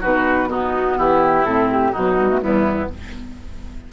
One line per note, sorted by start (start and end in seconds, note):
0.00 0.98 B2
0.00 0.48 D#4
0.00 0.48 F#4
0.00 0.50 B4
0.48 1.44 B3
0.48 0.97 D#4
0.48 0.98 F#4
0.97 1.44 E3
0.97 1.92 E4
0.97 1.45 G4
1.44 1.92 A2
1.44 1.93 C4
1.44 1.69 A4
1.71 1.93 G4
1.92 2.43 B2
1.92 2.18 F#3
1.92 2.40 D#4
1.92 2.41 F#4
2.18 2.29 G3
2.29 2.41 A3
2.41 2.92 E2
2.41 2.89 G3
2.41 2.90 B3
2.41 2.90 E4